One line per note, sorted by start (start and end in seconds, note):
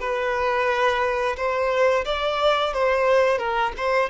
0.00 1.36 B4
1.36 2.05 C5
2.05 2.73 D5
2.73 3.38 C5
3.38 3.72 A#4
3.77 4.09 C5